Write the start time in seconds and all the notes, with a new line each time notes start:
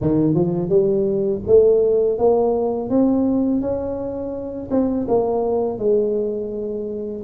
0.01 D#3
0.34 F3
0.69 G3
1.46 A3
2.18 A#3
2.89 C4
3.61 C#4
4.70 C4
5.08 A#3
5.78 G#3